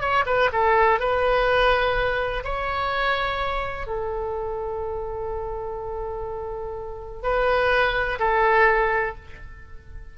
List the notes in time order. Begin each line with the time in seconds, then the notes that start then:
0.00 C#5
0.26 B4
0.52 A4
0.99 B4
2.43 C#5
3.86 A4
7.22 B4
8.19 A4